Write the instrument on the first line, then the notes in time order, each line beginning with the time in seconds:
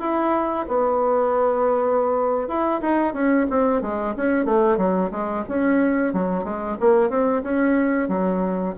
bassoon
0.00 E4
0.68 B3
2.48 E4
2.81 D#4
3.14 C#4
3.50 C4
3.82 G#3
4.17 C#4
4.45 A3
4.77 F#3
5.11 G#3
5.49 C#4
6.13 F#3
6.44 G#3
6.80 A#3
7.10 C4
7.43 C#4
8.09 F#3